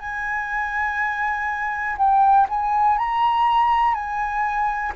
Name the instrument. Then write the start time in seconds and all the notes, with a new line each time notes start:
flute
0.00 G#5
1.98 G5
2.49 G#5
2.99 A#5
3.94 G#5